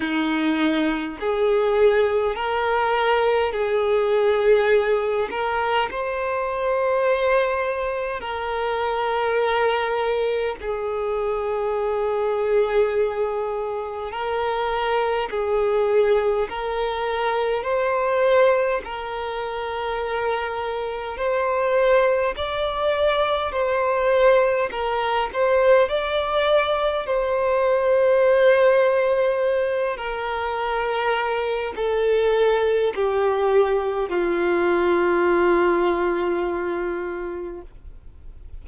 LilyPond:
\new Staff \with { instrumentName = "violin" } { \time 4/4 \tempo 4 = 51 dis'4 gis'4 ais'4 gis'4~ | gis'8 ais'8 c''2 ais'4~ | ais'4 gis'2. | ais'4 gis'4 ais'4 c''4 |
ais'2 c''4 d''4 | c''4 ais'8 c''8 d''4 c''4~ | c''4. ais'4. a'4 | g'4 f'2. | }